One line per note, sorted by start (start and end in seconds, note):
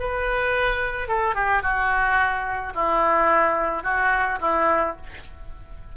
0.00 1.08 B4
1.08 1.35 A4
1.35 1.63 G4
1.63 2.74 F#4
2.75 3.84 E4
3.84 4.39 F#4
4.41 4.97 E4